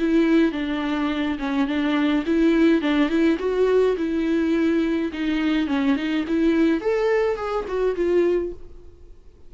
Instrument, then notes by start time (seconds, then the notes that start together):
viola
0.00 E4
0.53 D4
1.39 C#4
1.68 D4
2.26 E4
2.82 D4
3.10 E4
3.39 F#4
3.98 E4
5.14 D#4
5.68 C#4
5.97 D#4
6.28 E4
6.81 A4
7.37 G#4
7.69 F#4
7.96 F4